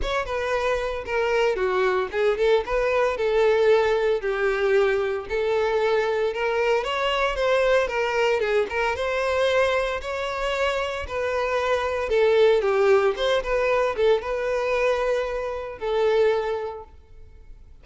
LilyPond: \new Staff \with { instrumentName = "violin" } { \time 4/4 \tempo 4 = 114 cis''8 b'4. ais'4 fis'4 | gis'8 a'8 b'4 a'2 | g'2 a'2 | ais'4 cis''4 c''4 ais'4 |
gis'8 ais'8 c''2 cis''4~ | cis''4 b'2 a'4 | g'4 c''8 b'4 a'8 b'4~ | b'2 a'2 | }